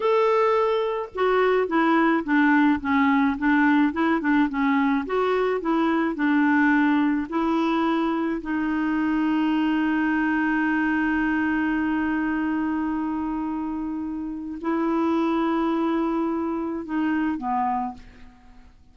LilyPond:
\new Staff \with { instrumentName = "clarinet" } { \time 4/4 \tempo 4 = 107 a'2 fis'4 e'4 | d'4 cis'4 d'4 e'8 d'8 | cis'4 fis'4 e'4 d'4~ | d'4 e'2 dis'4~ |
dis'1~ | dis'1~ | dis'2 e'2~ | e'2 dis'4 b4 | }